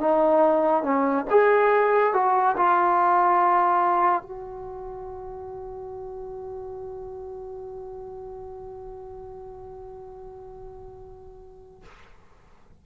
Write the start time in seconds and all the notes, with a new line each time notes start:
0.00 D#4
0.83 C#4
1.30 G#4
2.14 F#4
2.57 F4
4.23 F#4